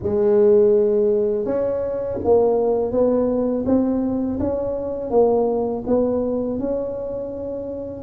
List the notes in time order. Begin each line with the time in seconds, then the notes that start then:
0.03 G#3
1.45 C#4
2.24 A#3
2.91 B3
3.65 C4
4.39 C#4
5.10 A#3
5.87 B3
6.59 C#4